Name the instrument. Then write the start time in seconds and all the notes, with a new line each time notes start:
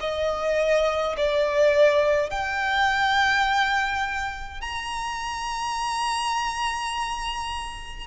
violin
0.00 D#5
1.16 D5
2.30 G5
4.60 A#5